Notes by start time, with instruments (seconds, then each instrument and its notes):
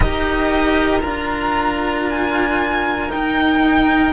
0.00 cello D#4 G4, violin A#4 D#5
1.01 cello D4 F4, violin A#5
2.09 violin G#5
3.08 cello D#4, violin G5